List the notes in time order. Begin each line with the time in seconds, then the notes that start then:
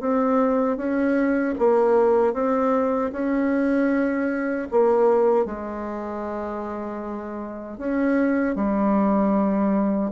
0.00 C4
0.77 C#4
1.58 A#3
2.33 C4
3.12 C#4
4.70 A#3
5.45 G#3
7.77 C#4
8.55 G3